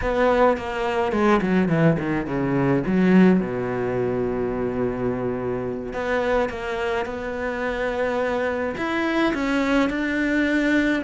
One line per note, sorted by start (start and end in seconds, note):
0.01 0.57 B3
0.57 1.12 A#3
1.12 1.40 G#3
1.42 1.68 F#3
1.68 1.96 E3
1.99 2.26 D#3
2.26 2.83 C#3
2.86 3.40 F#3
3.40 5.93 B2
5.93 6.49 B3
6.49 7.05 A#3
7.05 8.75 B3
8.77 9.33 E4
9.34 9.89 C#4
9.89 11.02 D4